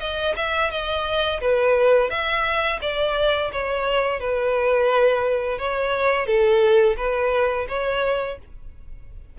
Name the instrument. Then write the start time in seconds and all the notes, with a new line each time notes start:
violin
0.00 D#5
0.36 E5
0.71 D#5
1.41 B4
2.10 E5
2.82 D5
3.53 C#5
4.20 B4
5.58 C#5
6.26 A4
6.97 B4
7.69 C#5